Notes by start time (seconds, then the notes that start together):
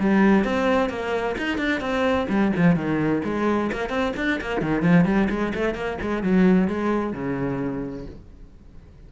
0.00 G3
0.44 C4
0.89 A#3
1.38 D#4
1.58 D4
1.81 C4
2.29 G3
2.56 F3
2.76 D#3
3.25 G#3
3.73 A#3
3.90 C4
4.17 D4
4.41 A#3
4.62 D#3
4.82 F3
5.05 G3
5.30 G#3
5.55 A3
5.75 A#3
6.02 G#3
6.23 F#3
6.68 G#3
7.13 C#3